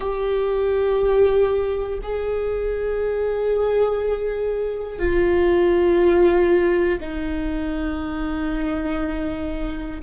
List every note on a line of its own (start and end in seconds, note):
0.00 1.99 G4
2.02 4.98 G#4
4.98 6.98 F4
7.00 10.00 D#4